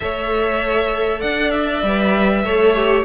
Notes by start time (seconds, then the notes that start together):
0.00 A3 A4 C#5 E5
1.20 D4 D5 F#5
1.50 E5
1.82 G3 B4
2.44 A3 A4 C#5
2.75 G4